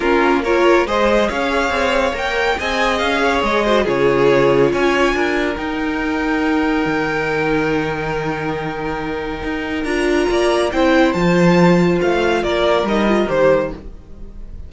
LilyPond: <<
  \new Staff \with { instrumentName = "violin" } { \time 4/4 \tempo 4 = 140 ais'4 cis''4 dis''4 f''4~ | f''4 g''4 gis''4 f''4 | dis''4 cis''2 gis''4~ | gis''4 g''2.~ |
g''1~ | g''2. ais''4~ | ais''4 g''4 a''2 | f''4 d''4 dis''4 c''4 | }
  \new Staff \with { instrumentName = "violin" } { \time 4/4 f'4 ais'4 c''4 cis''4~ | cis''2 dis''4. cis''8~ | cis''8 c''8 gis'2 cis''4 | ais'1~ |
ais'1~ | ais'1 | d''4 c''2.~ | c''4 ais'2. | }
  \new Staff \with { instrumentName = "viola" } { \time 4/4 cis'4 f'4 gis'2~ | gis'4 ais'4 gis'2~ | gis'8 fis'8 f'2.~ | f'4 dis'2.~ |
dis'1~ | dis'2. f'4~ | f'4 e'4 f'2~ | f'2 dis'8 f'8 g'4 | }
  \new Staff \with { instrumentName = "cello" } { \time 4/4 ais2 gis4 cis'4 | c'4 ais4 c'4 cis'4 | gis4 cis2 cis'4 | d'4 dis'2. |
dis1~ | dis2 dis'4 d'4 | ais4 c'4 f2 | a4 ais4 g4 dis4 | }
>>